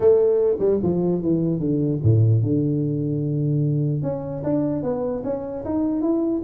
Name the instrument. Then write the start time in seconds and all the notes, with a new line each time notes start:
tuba
0.00 A3
0.59 G3
0.82 F3
1.22 E3
1.59 D3
2.02 A2
2.42 D3
4.02 C#4
4.43 D4
4.82 B3
5.23 C#4
5.64 D#4
6.01 E4